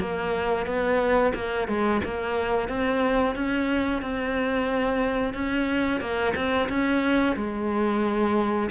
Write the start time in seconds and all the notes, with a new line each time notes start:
0.00 A#3
0.66 B3
1.35 A#3
1.68 G#3
2.05 A#3
2.69 C4
3.35 C#4
4.02 C4
5.34 C#4
6.01 A#3
6.35 C4
6.69 C#4
7.37 G#3